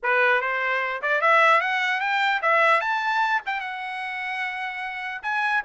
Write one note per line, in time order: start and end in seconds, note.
0.02 0.41 B4
0.41 1.01 C5
1.02 1.21 D5
1.21 1.60 E5
1.60 2.00 F#5
2.00 2.41 G5
2.42 2.80 E5
2.80 3.41 A5
3.46 3.60 G5
3.60 5.21 F#5
5.22 5.62 G#5